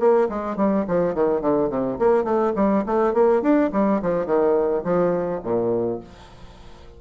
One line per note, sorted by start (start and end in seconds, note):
0.00 0.29 A#3
0.30 0.57 G#3
0.57 0.86 G3
0.88 1.15 F3
1.15 1.42 D#3
1.42 1.70 D3
1.70 1.99 C3
1.99 2.25 A#3
2.25 2.53 A3
2.56 2.85 G3
2.86 3.14 A3
3.14 3.42 A#3
3.42 3.71 D4
3.73 4.02 G3
4.02 4.26 F3
4.26 4.84 D#3
4.85 5.42 F3
5.44 6.01 A#2